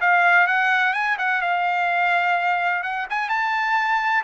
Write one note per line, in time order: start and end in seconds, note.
0.00 0.46 F5
0.46 0.93 F#5
0.93 1.16 G#5
1.18 1.41 F#5
1.41 2.83 F5
2.83 3.06 F#5
3.09 3.29 G#5
3.29 4.23 A5